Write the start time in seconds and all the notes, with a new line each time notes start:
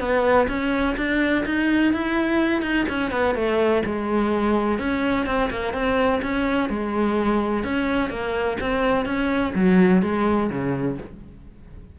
0.00 B3
0.48 C#4
0.97 D4
1.45 D#4
1.93 E4
2.62 D#4
2.89 C#4
3.11 B3
3.35 A3
3.85 G#3
4.79 C#4
5.26 C4
5.50 A#3
5.73 C4
6.22 C#4
6.70 G#3
7.64 C#4
8.10 A#3
8.61 C4
9.05 C#4
9.55 F#3
10.02 G#3
10.50 C#3